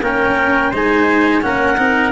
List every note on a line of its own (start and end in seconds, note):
0.00 0.71 A#3
0.00 0.73 C#4
0.00 0.70 A#4
0.00 0.73 G5
0.70 1.42 G#3
0.70 1.41 D#4
0.70 1.41 C5
0.70 1.42 G#5
1.41 1.78 A#3
1.41 1.77 C#4
1.41 2.11 A#4
1.41 2.11 F#5
1.77 2.11 C4
1.77 2.11 D#4